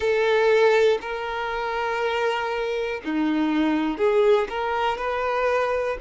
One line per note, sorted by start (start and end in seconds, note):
0.00 0.98 A4
1.01 3.01 A#4
3.04 3.97 D#4
3.97 4.47 G#4
4.49 4.97 A#4
4.97 5.97 B4